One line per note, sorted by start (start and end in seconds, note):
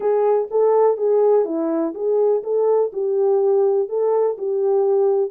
0.00 0.48 G#4
0.50 0.97 A4
0.97 1.45 G#4
1.45 1.93 E4
1.94 2.42 G#4
2.43 2.91 A4
2.92 3.88 G4
3.88 4.37 A4
4.38 5.30 G4